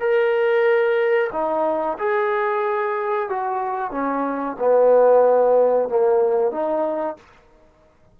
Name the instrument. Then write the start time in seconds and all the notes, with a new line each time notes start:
trombone
0.00 A#4
1.33 D#4
1.99 G#4
3.29 F#4
3.92 C#4
4.59 B3
5.89 A#3
6.51 D#4